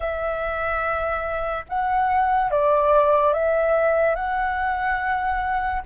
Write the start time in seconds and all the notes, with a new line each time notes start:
0.00 E5
1.69 F#5
2.50 D5
3.33 E5
4.15 F#5